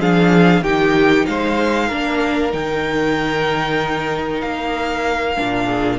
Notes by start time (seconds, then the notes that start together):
0.00 F3 D4 G#4 F5
0.61 D#3 D#4 G4 G5
1.26 G#3 C5 F5
1.87 A#3 D4 A#4
2.51 D#3 D#4 G5
4.41 A#3 F5
5.37 A#2 D4
5.64 G#4